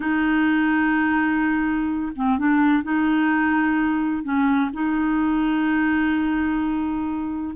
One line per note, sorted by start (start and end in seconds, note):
0.00 2.12 D#4
2.15 2.38 C4
2.38 2.83 D4
2.83 4.23 D#4
4.23 4.71 C#4
4.73 7.56 D#4